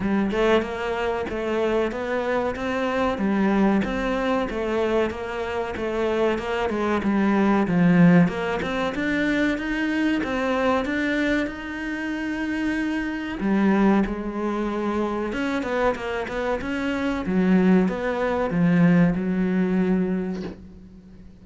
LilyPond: \new Staff \with { instrumentName = "cello" } { \time 4/4 \tempo 4 = 94 g8 a8 ais4 a4 b4 | c'4 g4 c'4 a4 | ais4 a4 ais8 gis8 g4 | f4 ais8 c'8 d'4 dis'4 |
c'4 d'4 dis'2~ | dis'4 g4 gis2 | cis'8 b8 ais8 b8 cis'4 fis4 | b4 f4 fis2 | }